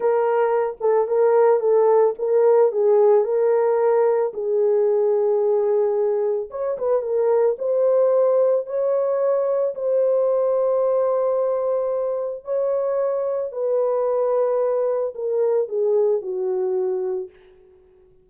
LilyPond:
\new Staff \with { instrumentName = "horn" } { \time 4/4 \tempo 4 = 111 ais'4. a'8 ais'4 a'4 | ais'4 gis'4 ais'2 | gis'1 | cis''8 b'8 ais'4 c''2 |
cis''2 c''2~ | c''2. cis''4~ | cis''4 b'2. | ais'4 gis'4 fis'2 | }